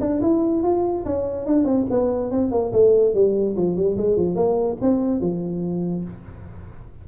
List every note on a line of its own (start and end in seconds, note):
0.00 0.21 D4
0.21 0.63 E4
0.63 1.05 F4
1.05 1.46 C#4
1.46 1.65 D4
1.65 1.85 C4
1.90 2.31 B3
2.31 2.51 C4
2.51 2.72 A#3
2.72 3.14 A3
3.14 3.56 G3
3.56 3.76 F3
3.76 3.97 G3
3.97 4.16 G#3
4.16 4.35 F3
4.35 4.77 A#3
4.81 5.20 C4
5.20 6.04 F3